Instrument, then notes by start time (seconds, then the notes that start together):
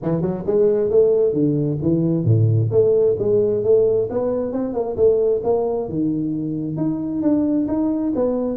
tuba
0.02 E3
0.21 F#3
0.46 G#3
0.90 A3
1.33 D3
1.81 E3
2.24 A2
2.71 A3
3.18 G#3
3.63 A3
4.09 B3
4.52 C4
4.73 A#3
4.96 A3
5.43 A#3
5.88 D#3
6.77 D#4
7.21 D4
7.67 D#4
8.15 B3